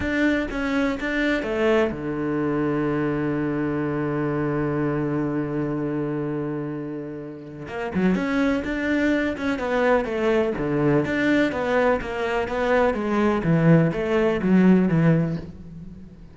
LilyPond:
\new Staff \with { instrumentName = "cello" } { \time 4/4 \tempo 4 = 125 d'4 cis'4 d'4 a4 | d1~ | d1~ | d1 |
ais8 fis8 cis'4 d'4. cis'8 | b4 a4 d4 d'4 | b4 ais4 b4 gis4 | e4 a4 fis4 e4 | }